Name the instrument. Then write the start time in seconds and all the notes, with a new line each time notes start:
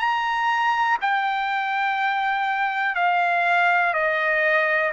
trumpet
0.00 A#5
1.02 G5
2.96 F5
3.94 D#5